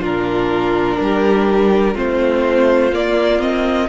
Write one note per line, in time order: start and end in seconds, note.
0.00 0.97 A#2
0.00 1.94 D4
0.00 0.97 F4
0.00 1.98 A#4
1.00 1.95 G3
1.00 1.95 G4
1.94 2.92 A3
1.94 2.91 C4
1.94 3.88 F4
1.94 2.95 C5
2.92 3.89 A#3
2.92 3.40 A#3
2.92 3.41 D5
3.40 3.88 C4
3.40 3.90 D#5